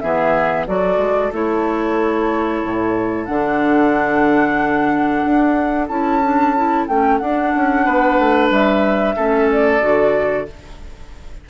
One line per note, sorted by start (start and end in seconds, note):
0.00 0.68 E3
0.00 0.67 B3
0.00 0.67 G#4
0.00 0.65 E5
0.67 0.98 F#3
0.67 1.33 F#4
0.67 7.85 A4
0.67 1.32 D5
0.98 1.30 G#3
1.33 2.63 A3
1.33 3.27 E4
1.33 3.25 C#5
2.63 3.29 A2
3.25 5.25 D3
3.25 5.88 D4
3.25 5.86 F#5
5.26 5.89 D4
5.88 6.87 C#4
5.88 6.22 E4
5.88 6.86 A5
6.24 6.56 D4
6.56 6.89 E4
6.88 7.21 A3
6.88 7.21 C#4
6.88 7.18 G5
7.18 7.53 D4
7.18 9.17 D4
7.18 8.49 F#5
7.56 7.87 C#4
7.85 8.19 B3
7.85 9.16 B4
8.19 8.51 A3
8.51 9.16 G3
8.51 9.50 E5
9.17 9.83 A3
9.17 9.81 C#4
9.17 10.47 A4
9.52 10.50 D5
9.81 10.48 D3
9.81 10.46 F#4